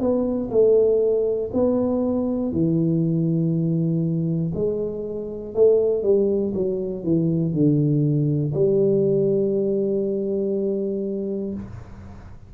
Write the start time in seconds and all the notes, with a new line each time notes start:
0.00 B3
0.50 A3
1.53 B3
2.52 E3
4.54 G#3
5.54 A3
6.02 G3
6.54 F#3
7.03 E3
7.53 D3
8.54 G3